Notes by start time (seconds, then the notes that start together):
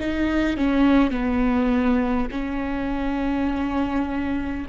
0.00 D#4
0.57 C#4
1.11 B3
2.32 C#4